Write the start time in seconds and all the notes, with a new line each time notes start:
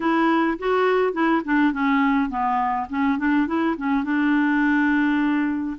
0.00 E4
0.58 F#4
1.13 E4
1.44 D4
1.73 C#4
2.29 B3
2.89 C#4
3.18 D4
3.47 E4
3.77 C#4
4.04 D4